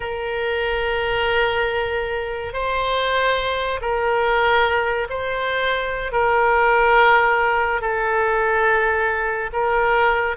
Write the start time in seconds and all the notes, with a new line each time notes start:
0.00 A#4
2.53 C5
3.81 A#4
5.09 C5
6.12 A#4
7.81 A4
9.53 A#4